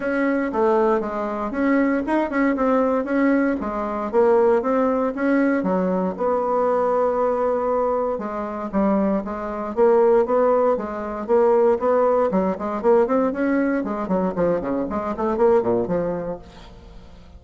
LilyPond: \new Staff \with { instrumentName = "bassoon" } { \time 4/4 \tempo 4 = 117 cis'4 a4 gis4 cis'4 | dis'8 cis'8 c'4 cis'4 gis4 | ais4 c'4 cis'4 fis4 | b1 |
gis4 g4 gis4 ais4 | b4 gis4 ais4 b4 | fis8 gis8 ais8 c'8 cis'4 gis8 fis8 | f8 cis8 gis8 a8 ais8 ais,8 f4 | }